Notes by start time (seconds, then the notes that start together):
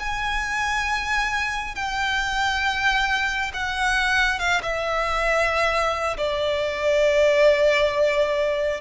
0.00 G#5
1.75 G5
3.53 F#5
4.39 F5
4.62 E5
6.17 D5